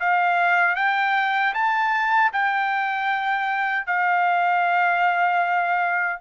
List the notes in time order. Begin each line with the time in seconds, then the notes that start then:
0.00 F5
0.76 G5
1.54 A5
2.33 G5
3.86 F5